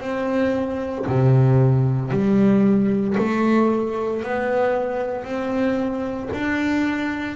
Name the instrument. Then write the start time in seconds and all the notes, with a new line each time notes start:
double bass
0.00 C4
1.07 C3
2.11 G3
3.18 A3
4.22 B3
5.24 C4
6.33 D4